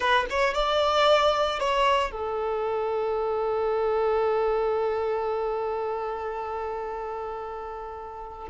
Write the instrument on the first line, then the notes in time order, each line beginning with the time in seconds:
violin
0.00 B4
0.30 C#5
0.54 D5
1.59 C#5
2.11 A4